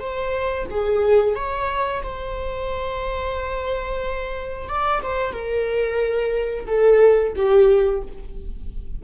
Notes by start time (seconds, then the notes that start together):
0.00 C5
0.71 G#4
1.36 C#5
2.03 C5
4.69 D5
5.03 C5
5.33 A#4
6.67 A4
7.36 G4